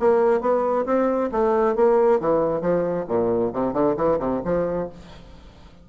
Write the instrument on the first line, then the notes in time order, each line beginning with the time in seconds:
bassoon
0.00 A#3
0.41 B3
0.86 C4
1.32 A3
1.76 A#3
2.20 E3
2.62 F3
3.08 A#2
3.53 C3
3.73 D3
3.97 E3
4.19 C3
4.45 F3